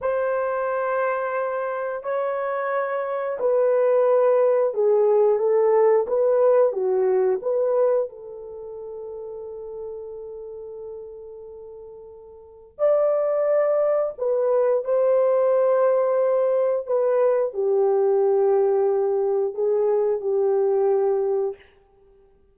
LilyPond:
\new Staff \with { instrumentName = "horn" } { \time 4/4 \tempo 4 = 89 c''2. cis''4~ | cis''4 b'2 gis'4 | a'4 b'4 fis'4 b'4 | a'1~ |
a'2. d''4~ | d''4 b'4 c''2~ | c''4 b'4 g'2~ | g'4 gis'4 g'2 | }